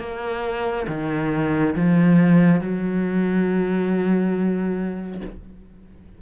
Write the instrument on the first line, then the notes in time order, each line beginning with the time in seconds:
cello
0.00 A#3
0.88 D#3
1.76 F3
2.61 F#3